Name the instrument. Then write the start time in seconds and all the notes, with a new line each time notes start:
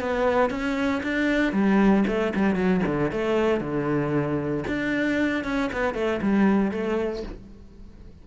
cello
0.00 B3
0.50 C#4
1.03 D4
1.52 G3
2.07 A3
2.35 G3
2.55 F#3
2.86 D3
3.11 A3
3.60 D3
4.67 D4
5.44 C#4
5.72 B3
5.94 A3
6.21 G3
6.71 A3